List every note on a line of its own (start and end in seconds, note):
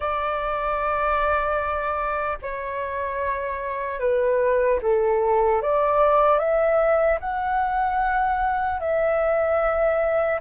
0.00 2.38 D5
2.41 3.99 C#5
3.99 4.79 B4
4.81 5.61 A4
5.62 6.39 D5
6.39 7.19 E5
7.20 8.80 F#5
8.80 10.40 E5